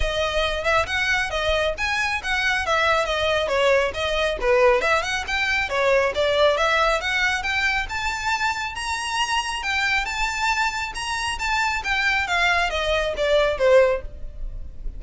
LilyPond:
\new Staff \with { instrumentName = "violin" } { \time 4/4 \tempo 4 = 137 dis''4. e''8 fis''4 dis''4 | gis''4 fis''4 e''4 dis''4 | cis''4 dis''4 b'4 e''8 fis''8 | g''4 cis''4 d''4 e''4 |
fis''4 g''4 a''2 | ais''2 g''4 a''4~ | a''4 ais''4 a''4 g''4 | f''4 dis''4 d''4 c''4 | }